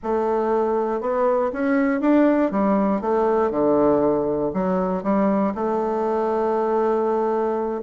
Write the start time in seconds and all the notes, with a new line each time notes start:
0.03 A3
1.00 B3
1.52 C#4
2.00 D4
2.51 G3
3.01 A3
3.50 D3
4.53 F#3
5.03 G3
5.54 A3